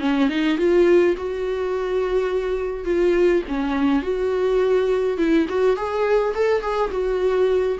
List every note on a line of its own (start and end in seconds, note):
0.00 0.29 C#4
0.29 0.58 D#4
0.58 1.15 F4
1.17 2.85 F#4
2.85 3.43 F4
3.48 4.03 C#4
4.03 5.18 F#4
5.18 5.47 E4
5.49 5.77 F#4
5.77 6.34 G#4
6.35 6.62 A4
6.62 6.91 G#4
6.91 7.78 F#4